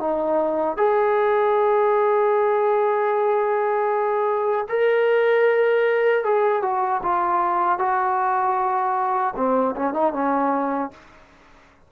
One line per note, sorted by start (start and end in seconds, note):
0.00 0.77 D#4
0.77 4.66 G#4
4.69 6.24 A#4
6.24 6.62 G#4
6.62 7.01 F#4
7.02 7.79 F4
7.79 9.34 F#4
9.36 9.75 C4
9.76 9.94 C#4
9.94 10.13 D#4
10.13 10.91 C#4